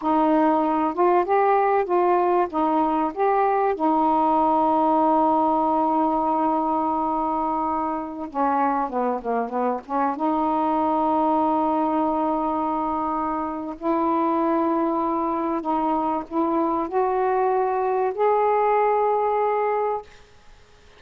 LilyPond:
\new Staff \with { instrumentName = "saxophone" } { \time 4/4 \tempo 4 = 96 dis'4. f'8 g'4 f'4 | dis'4 g'4 dis'2~ | dis'1~ | dis'4~ dis'16 cis'4 b8 ais8 b8 cis'16~ |
cis'16 dis'2.~ dis'8.~ | dis'2 e'2~ | e'4 dis'4 e'4 fis'4~ | fis'4 gis'2. | }